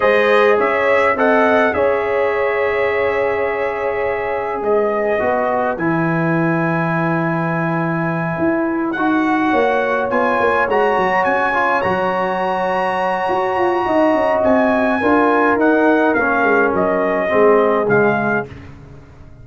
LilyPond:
<<
  \new Staff \with { instrumentName = "trumpet" } { \time 4/4 \tempo 4 = 104 dis''4 e''4 fis''4 e''4~ | e''1 | dis''2 gis''2~ | gis''2.~ gis''8 fis''8~ |
fis''4. gis''4 ais''4 gis''8~ | gis''8 ais''2.~ ais''8~ | ais''4 gis''2 fis''4 | f''4 dis''2 f''4 | }
  \new Staff \with { instrumentName = "horn" } { \time 4/4 c''4 cis''4 dis''4 cis''4~ | cis''1 | b'1~ | b'1~ |
b'8 cis''2.~ cis''8~ | cis''1 | dis''2 ais'2~ | ais'2 gis'2 | }
  \new Staff \with { instrumentName = "trombone" } { \time 4/4 gis'2 a'4 gis'4~ | gis'1~ | gis'4 fis'4 e'2~ | e'2.~ e'8 fis'8~ |
fis'4. f'4 fis'4. | f'8 fis'2.~ fis'8~ | fis'2 f'4 dis'4 | cis'2 c'4 gis4 | }
  \new Staff \with { instrumentName = "tuba" } { \time 4/4 gis4 cis'4 c'4 cis'4~ | cis'1 | gis4 b4 e2~ | e2~ e8 e'4 dis'8~ |
dis'8 ais4 b8 ais8 gis8 fis8 cis'8~ | cis'8 fis2~ fis8 fis'8 f'8 | dis'8 cis'8 c'4 d'4 dis'4 | ais8 gis8 fis4 gis4 cis4 | }
>>